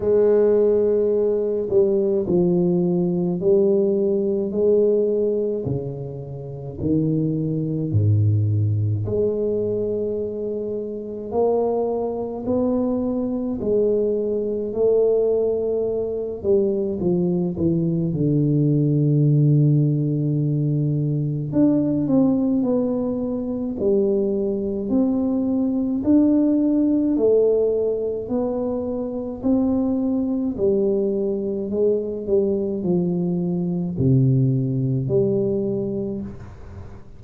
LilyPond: \new Staff \with { instrumentName = "tuba" } { \time 4/4 \tempo 4 = 53 gis4. g8 f4 g4 | gis4 cis4 dis4 gis,4 | gis2 ais4 b4 | gis4 a4. g8 f8 e8 |
d2. d'8 c'8 | b4 g4 c'4 d'4 | a4 b4 c'4 g4 | gis8 g8 f4 c4 g4 | }